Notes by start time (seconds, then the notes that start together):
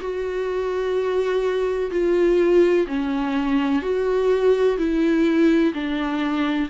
0.00 F#4
1.91 F4
2.87 C#4
3.82 F#4
4.78 E4
5.74 D4